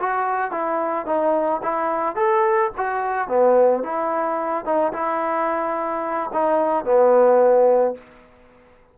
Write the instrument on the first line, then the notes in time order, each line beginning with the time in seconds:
trombone
0.00 F#4
0.52 E4
1.07 D#4
1.63 E4
2.16 A4
2.78 F#4
3.29 B3
3.84 E4
4.66 D#4
4.93 E4
6.34 D#4
6.85 B3